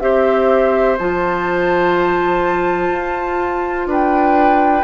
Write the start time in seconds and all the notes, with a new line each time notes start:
0.00 C4 G4 C5 E5
0.98 F3 F4 A5
2.89 F4
3.86 D4 B4 G5